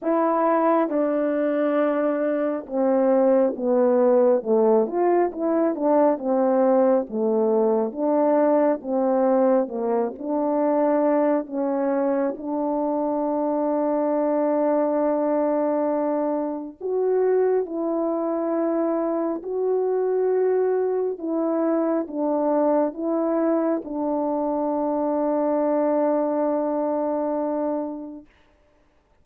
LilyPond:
\new Staff \with { instrumentName = "horn" } { \time 4/4 \tempo 4 = 68 e'4 d'2 c'4 | b4 a8 f'8 e'8 d'8 c'4 | a4 d'4 c'4 ais8 d'8~ | d'4 cis'4 d'2~ |
d'2. fis'4 | e'2 fis'2 | e'4 d'4 e'4 d'4~ | d'1 | }